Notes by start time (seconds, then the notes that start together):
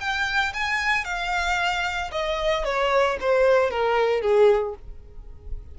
0.00 G5
0.54 G#5
1.05 F5
2.12 D#5
2.65 C#5
3.20 C5
3.70 A#4
4.22 G#4